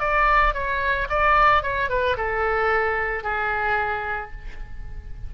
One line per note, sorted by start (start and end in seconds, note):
0.00 0.54 D5
0.54 1.08 C#5
1.10 1.63 D5
1.63 1.90 C#5
1.90 2.17 B4
2.17 3.24 A4
3.24 4.32 G#4